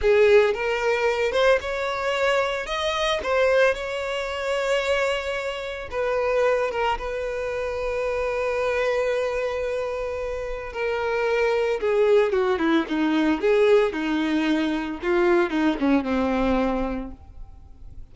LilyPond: \new Staff \with { instrumentName = "violin" } { \time 4/4 \tempo 4 = 112 gis'4 ais'4. c''8 cis''4~ | cis''4 dis''4 c''4 cis''4~ | cis''2. b'4~ | b'8 ais'8 b'2.~ |
b'1 | ais'2 gis'4 fis'8 e'8 | dis'4 gis'4 dis'2 | f'4 dis'8 cis'8 c'2 | }